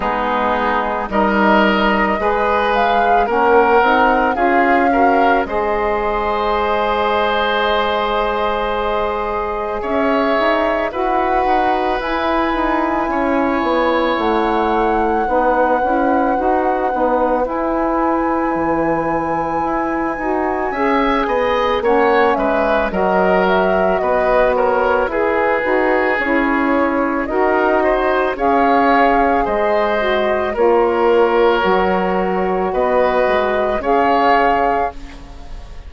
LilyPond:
<<
  \new Staff \with { instrumentName = "flute" } { \time 4/4 \tempo 4 = 55 gis'4 dis''4. f''8 fis''4 | f''4 dis''2.~ | dis''4 e''4 fis''4 gis''4~ | gis''4 fis''2. |
gis''1 | fis''8 e''8 dis''8 e''8 dis''8 cis''8 b'4 | cis''4 dis''4 f''4 dis''4 | cis''2 dis''4 f''4 | }
  \new Staff \with { instrumentName = "oboe" } { \time 4/4 dis'4 ais'4 b'4 ais'4 | gis'8 ais'8 c''2.~ | c''4 cis''4 b'2 | cis''2 b'2~ |
b'2. e''8 dis''8 | cis''8 b'8 ais'4 b'8 ais'8 gis'4~ | gis'4 ais'8 c''8 cis''4 c''4 | ais'2 b'4 cis''4 | }
  \new Staff \with { instrumentName = "saxophone" } { \time 4/4 b4 dis'4 gis'4 cis'8 dis'8 | f'8 fis'8 gis'2.~ | gis'2 fis'4 e'4~ | e'2 dis'8 e'8 fis'8 dis'8 |
e'2~ e'8 fis'8 gis'4 | cis'4 fis'2 gis'8 fis'8 | e'4 fis'4 gis'4. fis'8 | f'4 fis'2 gis'4 | }
  \new Staff \with { instrumentName = "bassoon" } { \time 4/4 gis4 g4 gis4 ais8 c'8 | cis'4 gis2.~ | gis4 cis'8 dis'8 e'8 dis'8 e'8 dis'8 | cis'8 b8 a4 b8 cis'8 dis'8 b8 |
e'4 e4 e'8 dis'8 cis'8 b8 | ais8 gis8 fis4 b4 e'8 dis'8 | cis'4 dis'4 cis'4 gis4 | ais4 fis4 b8 gis8 cis'4 | }
>>